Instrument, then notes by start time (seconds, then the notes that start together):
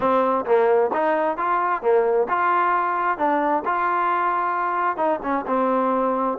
trombone
0.00 C4
0.45 A#3
0.93 D#4
1.37 F4
1.81 A#3
2.29 F4
3.18 D4
3.65 F4
4.96 D#4
5.22 C#4
5.47 C4